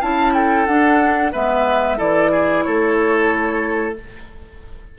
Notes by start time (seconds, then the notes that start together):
0.00 C#4 E4 F5 A5
0.34 A4 G5
0.66 D4 F#5
1.32 G#3 B3 B4 E5
1.97 E3 E4 A4 D5
2.31 G#4
2.63 A3 A4 C#5